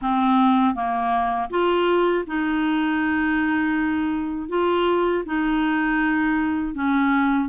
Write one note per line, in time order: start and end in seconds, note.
0.01 0.74 C4
0.74 1.49 A#3
1.50 2.25 F4
2.26 4.49 D#4
4.49 5.24 F4
5.25 6.74 D#4
6.74 7.48 C#4